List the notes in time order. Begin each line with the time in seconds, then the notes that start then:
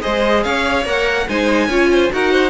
0.00 G#3 G#4 C5 D#5
0.43 C#4 C#5 F5
0.85 A#3 A#4 F#5
1.28 G#3 D#4 C5 G#5
1.67 C#4 F4 C#5
1.92 C5
2.11 D#4 F#4 A#4 F#5
2.32 C5